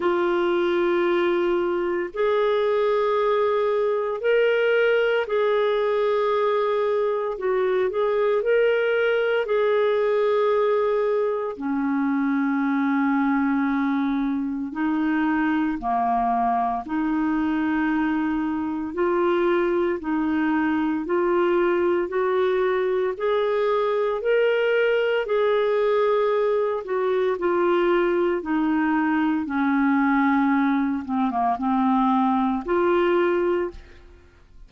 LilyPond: \new Staff \with { instrumentName = "clarinet" } { \time 4/4 \tempo 4 = 57 f'2 gis'2 | ais'4 gis'2 fis'8 gis'8 | ais'4 gis'2 cis'4~ | cis'2 dis'4 ais4 |
dis'2 f'4 dis'4 | f'4 fis'4 gis'4 ais'4 | gis'4. fis'8 f'4 dis'4 | cis'4. c'16 ais16 c'4 f'4 | }